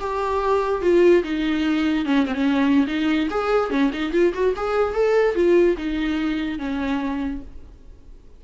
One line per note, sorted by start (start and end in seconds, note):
0.00 0.82 G4
0.82 1.23 F4
1.24 2.06 D#4
2.06 2.26 C#4
2.27 2.35 C4
2.35 2.86 C#4
2.87 3.29 D#4
3.30 3.70 G#4
3.70 3.91 C#4
3.93 4.12 D#4
4.12 4.33 F4
4.34 4.54 F#4
4.56 4.94 G#4
4.94 5.35 A4
5.35 5.76 F4
5.77 6.59 D#4
6.59 7.42 C#4